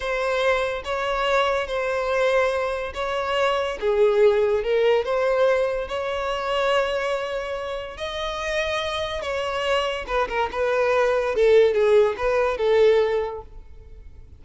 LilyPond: \new Staff \with { instrumentName = "violin" } { \time 4/4 \tempo 4 = 143 c''2 cis''2 | c''2. cis''4~ | cis''4 gis'2 ais'4 | c''2 cis''2~ |
cis''2. dis''4~ | dis''2 cis''2 | b'8 ais'8 b'2 a'4 | gis'4 b'4 a'2 | }